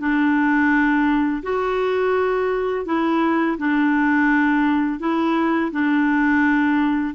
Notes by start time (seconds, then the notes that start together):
0.00 D4
1.43 F#4
2.86 E4
3.58 D4
5.00 E4
5.72 D4